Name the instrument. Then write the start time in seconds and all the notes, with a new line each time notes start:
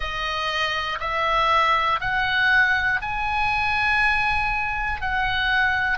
oboe
0.00 D#5
1.00 E5
2.00 F#5
3.01 G#5
5.00 F#5